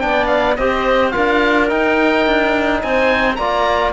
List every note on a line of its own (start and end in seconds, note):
0.00 0.58 B3
0.00 0.56 D4
0.00 0.58 D5
0.00 0.27 G5
0.27 0.55 F5
0.57 1.14 C4
0.57 1.12 G4
0.57 1.14 C5
0.57 1.11 D#5
1.11 1.71 D4
1.11 1.68 F4
1.11 2.83 A#4
1.11 1.67 F5
1.68 3.36 D#4
1.68 2.27 D#4
1.68 2.82 G5
2.27 2.83 D4
2.83 3.38 C4
2.83 3.39 C5
2.83 3.35 G#5
3.35 3.93 A#3
3.35 3.93 F4
3.35 3.93 D5
3.35 3.91 A#5